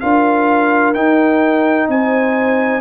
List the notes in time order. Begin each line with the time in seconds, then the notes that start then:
0.00 D4 F4 A#4 F5
0.94 D#4 G5
1.88 C4 C5 G#5